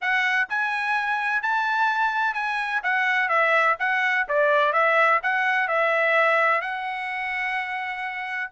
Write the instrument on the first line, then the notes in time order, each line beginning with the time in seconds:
trumpet
0.01 F#5
0.49 G#5
1.42 A5
2.34 G#5
2.83 F#5
3.29 E5
3.79 F#5
4.28 D5
4.72 E5
5.22 F#5
5.68 E5
6.61 F#5